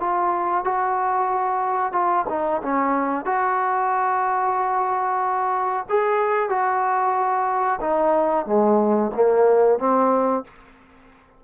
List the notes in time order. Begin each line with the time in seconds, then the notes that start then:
0.00 F4
0.64 F#4
1.92 F4
2.29 D#4
2.63 C#4
3.25 F#4
5.89 G#4
6.50 F#4
7.81 D#4
8.46 G#3
9.15 A#3
9.79 C4